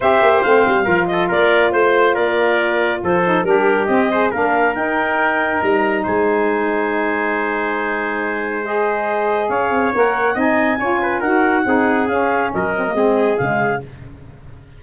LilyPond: <<
  \new Staff \with { instrumentName = "clarinet" } { \time 4/4 \tempo 4 = 139 e''4 f''4. dis''8 d''4 | c''4 d''2 c''4 | ais'4 dis''4 f''4 g''4~ | g''4 ais''4 gis''2~ |
gis''1 | dis''2 f''4 fis''4 | gis''2 fis''2 | f''4 dis''2 f''4 | }
  \new Staff \with { instrumentName = "trumpet" } { \time 4/4 c''2 ais'8 a'8 ais'4 | c''4 ais'2 a'4 | g'4. c''8 ais'2~ | ais'2 c''2~ |
c''1~ | c''2 cis''2 | dis''4 cis''8 b'8 ais'4 gis'4~ | gis'4 ais'4 gis'2 | }
  \new Staff \with { instrumentName = "saxophone" } { \time 4/4 g'4 c'4 f'2~ | f'2.~ f'8 dis'8 | d'4 c'8 gis'8 d'4 dis'4~ | dis'1~ |
dis'1 | gis'2. ais'4 | dis'4 f'4 fis'4 dis'4 | cis'4. c'16 ais16 c'4 gis4 | }
  \new Staff \with { instrumentName = "tuba" } { \time 4/4 c'8 ais8 a8 g8 f4 ais4 | a4 ais2 f4 | g4 c'4 ais4 dis'4~ | dis'4 g4 gis2~ |
gis1~ | gis2 cis'8 c'8 ais4 | c'4 cis'4 dis'4 c'4 | cis'4 fis4 gis4 cis4 | }
>>